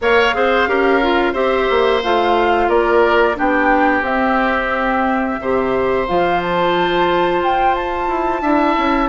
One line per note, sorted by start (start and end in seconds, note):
0.01 0.34 A#3
0.01 0.34 A#4
0.01 0.35 C#5
0.01 1.34 F5
0.34 0.67 C4
0.34 0.68 G#4
0.34 0.69 C5
0.67 1.34 C#4
0.67 1.01 G4
0.67 1.32 A#4
1.02 1.33 F4
1.32 1.67 C4
1.32 2.01 G4
1.32 2.67 C5
1.32 2.01 E5
1.70 2.03 A#3
2.03 2.68 A3
2.03 3.34 F4
2.03 2.69 F5
2.68 3.35 A#3
2.68 3.36 A#4
2.68 3.36 D5
3.34 4.01 B3
3.34 4.02 D4
3.34 5.40 G4
3.34 4.05 G5
4.01 5.36 C4
4.01 6.07 E5
4.08 5.41 C4
5.39 6.07 C3
5.39 6.07 G4
5.39 8.42 C5
6.07 7.43 F3
6.07 8.43 F4
6.07 6.41 F5
6.41 7.43 A5
7.43 8.08 F4
7.43 7.75 G5
7.75 9.09 A5
8.08 8.41 E4
8.41 8.75 D4
8.41 9.09 E4
8.41 9.09 E5
8.77 9.09 C#4